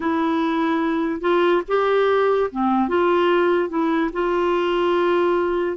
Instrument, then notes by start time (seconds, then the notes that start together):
clarinet
0.00 E4
1.20 F4
1.68 G4
2.51 C4
2.88 F4
3.69 E4
4.12 F4